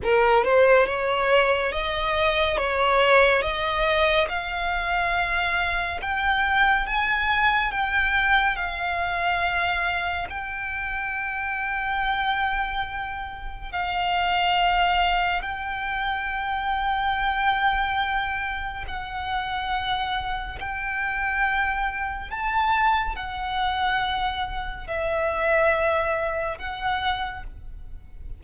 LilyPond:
\new Staff \with { instrumentName = "violin" } { \time 4/4 \tempo 4 = 70 ais'8 c''8 cis''4 dis''4 cis''4 | dis''4 f''2 g''4 | gis''4 g''4 f''2 | g''1 |
f''2 g''2~ | g''2 fis''2 | g''2 a''4 fis''4~ | fis''4 e''2 fis''4 | }